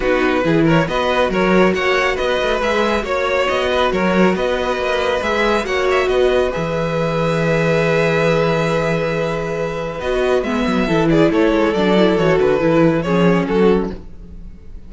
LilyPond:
<<
  \new Staff \with { instrumentName = "violin" } { \time 4/4 \tempo 4 = 138 b'4. cis''8 dis''4 cis''4 | fis''4 dis''4 e''4 cis''4 | dis''4 cis''4 dis''2 | e''4 fis''8 e''8 dis''4 e''4~ |
e''1~ | e''2. dis''4 | e''4. d''8 cis''4 d''4 | cis''8 b'4. cis''4 a'4 | }
  \new Staff \with { instrumentName = "violin" } { \time 4/4 fis'4 gis'8 ais'8 b'4 ais'4 | cis''4 b'2 cis''4~ | cis''8 b'8 ais'4 b'2~ | b'4 cis''4 b'2~ |
b'1~ | b'1~ | b'4 a'8 gis'8 a'2~ | a'2 gis'4 fis'4 | }
  \new Staff \with { instrumentName = "viola" } { \time 4/4 dis'4 e'4 fis'2~ | fis'2 gis'4 fis'4~ | fis'1 | gis'4 fis'2 gis'4~ |
gis'1~ | gis'2. fis'4 | b4 e'2 d'8 e'8 | fis'4 e'4 cis'2 | }
  \new Staff \with { instrumentName = "cello" } { \time 4/4 b4 e4 b4 fis4 | ais4 b8 a8 gis4 ais4 | b4 fis4 b4 ais4 | gis4 ais4 b4 e4~ |
e1~ | e2. b4 | gis8 fis8 e4 a8 gis8 fis4 | e8 d8 e4 f4 fis4 | }
>>